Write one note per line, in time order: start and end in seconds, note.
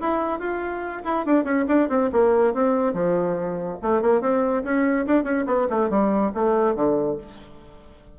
0.00 0.39 E4
0.39 1.03 F4
1.04 1.26 E4
1.26 1.44 D4
1.44 1.65 C#4
1.68 1.89 D4
1.89 2.10 C4
2.12 2.54 A#3
2.54 2.93 C4
2.93 3.78 F3
3.82 4.02 A3
4.02 4.21 A#3
4.21 4.63 C4
4.64 5.06 C#4
5.06 5.24 D4
5.24 5.45 C#4
5.46 5.68 B3
5.70 5.89 A3
5.89 6.32 G3
6.34 6.75 A3
6.75 7.17 D3